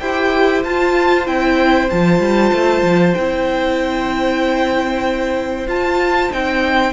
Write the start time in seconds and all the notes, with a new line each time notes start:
0.00 E4 G4 C5 G5
0.64 F4 A5
1.26 C4 E4 G5
1.90 F3 F4 A5
2.20 G3
2.53 A3
2.82 F3
3.14 C4 E4 G5
5.67 F4 A5
6.31 C4 D#4 G5